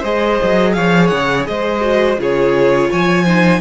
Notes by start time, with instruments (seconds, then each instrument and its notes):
0.00 cello G#3, viola G#4, violin C5 D#5
0.43 cello F#3
0.73 cello F3, violin C#5 F5
1.08 cello C#3, violin F#5
1.47 cello G#3, violin C5 D#5
1.81 viola F#4
2.19 cello C#3, viola F4, violin G#4 C#5
2.90 cello F3, violin C#5 G#5
3.24 viola D#4, violin C5